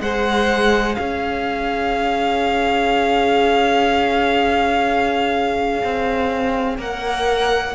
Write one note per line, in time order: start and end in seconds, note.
0.00 0.97 G#3
0.00 6.78 G#4
0.00 1.00 C5
0.00 0.95 F#5
0.95 5.82 C#4
0.95 7.74 C#5
0.95 6.76 F5
5.83 6.78 C4
6.78 7.74 A#3
6.78 7.74 A#4
6.78 7.74 F#5